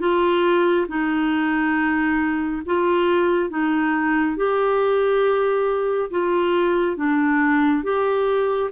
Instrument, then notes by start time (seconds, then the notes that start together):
clarinet
0.00 F4
0.88 D#4
2.66 F4
3.50 D#4
4.36 G4
6.11 F4
6.97 D4
7.83 G4